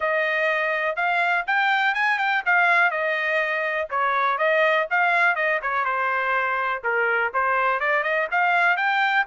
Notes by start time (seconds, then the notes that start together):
0.00 D#5
0.96 F5
1.46 G5
1.94 G#5
2.18 G5
2.45 F5
2.90 D#5
3.90 C#5
4.37 D#5
4.90 F5
5.35 D#5
5.61 C#5
5.84 C5
6.83 A#4
7.33 C5
7.80 D5
8.03 D#5
8.31 F5
8.76 G5